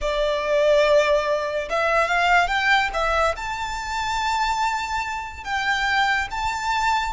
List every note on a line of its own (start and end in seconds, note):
0.01 1.69 D5
1.69 2.07 E5
2.07 2.47 F5
2.47 2.89 G5
2.93 3.35 E5
3.36 5.44 A5
5.44 6.27 G5
6.31 7.13 A5